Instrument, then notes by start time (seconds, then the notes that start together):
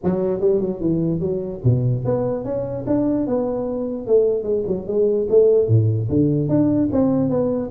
tuba
0.03 F#3
0.40 G3
0.60 F#3
0.80 E3
1.20 F#3
1.64 B2
2.04 B3
2.44 C#4
2.86 D4
3.27 B3
4.06 A3
4.43 G#3
4.67 F#3
4.87 G#3
5.29 A3
5.68 A2
6.09 D3
6.48 D4
6.92 C4
7.29 B3